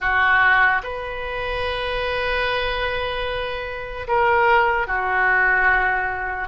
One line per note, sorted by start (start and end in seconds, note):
0.00 0.81 F#4
0.83 4.07 B4
4.07 4.86 A#4
4.86 6.48 F#4